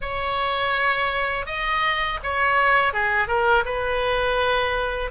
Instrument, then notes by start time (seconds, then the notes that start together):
oboe
0.01 C#5
1.46 D#5
2.23 C#5
2.93 G#4
3.27 A#4
3.65 B4